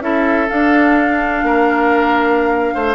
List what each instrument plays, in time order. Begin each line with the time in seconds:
0.00 bassoon C#4, clarinet E4, oboe A4, flute E5
0.48 clarinet D4, bassoon D4, flute F5
1.43 bassoon A#3, oboe A#4
2.74 bassoon A3, oboe C5